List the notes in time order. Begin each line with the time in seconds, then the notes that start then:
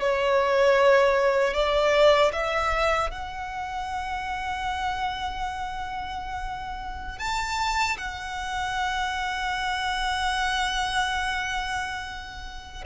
0.00 C#5
1.54 D5
2.33 E5
3.11 F#5
7.19 A5
7.97 F#5